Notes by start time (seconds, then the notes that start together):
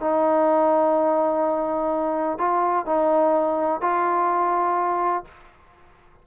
0.00 D#4
2.38 F4
2.86 D#4
3.81 F4